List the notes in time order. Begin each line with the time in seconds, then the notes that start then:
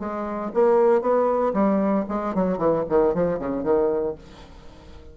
0.00 G#3
0.54 A#3
1.02 B3
1.54 G3
2.09 G#3
2.35 F#3
2.58 E3
2.89 D#3
3.14 F3
3.39 C#3
3.64 D#3